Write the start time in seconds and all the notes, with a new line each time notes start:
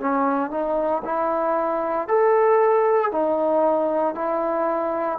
0.00 C#4
0.50 D#4
1.04 E4
2.08 A4
3.12 D#4
4.15 E4